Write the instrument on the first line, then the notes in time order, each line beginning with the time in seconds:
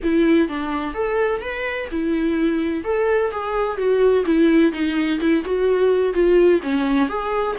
viola
0.03 E4
0.48 D4
0.94 A4
1.41 B4
1.91 E4
2.84 A4
3.31 G#4
3.77 F#4
4.25 E4
4.72 D#4
5.20 E4
5.44 F#4
6.13 F4
6.62 C#4
7.08 G#4